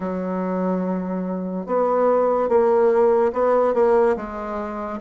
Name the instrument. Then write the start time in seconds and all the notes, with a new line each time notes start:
bassoon
0.00 F#3
1.66 B3
2.48 A#3
3.32 B3
3.74 A#3
4.16 G#3